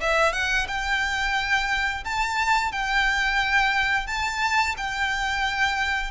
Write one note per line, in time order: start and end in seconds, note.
0.00 0.33 E5
0.33 0.67 F#5
0.67 2.04 G5
2.04 2.72 A5
2.72 4.07 G5
4.07 4.75 A5
4.77 6.11 G5